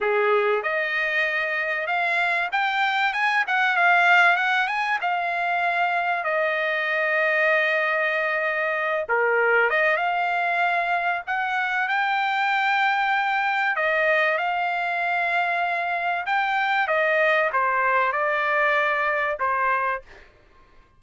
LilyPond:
\new Staff \with { instrumentName = "trumpet" } { \time 4/4 \tempo 4 = 96 gis'4 dis''2 f''4 | g''4 gis''8 fis''8 f''4 fis''8 gis''8 | f''2 dis''2~ | dis''2~ dis''8 ais'4 dis''8 |
f''2 fis''4 g''4~ | g''2 dis''4 f''4~ | f''2 g''4 dis''4 | c''4 d''2 c''4 | }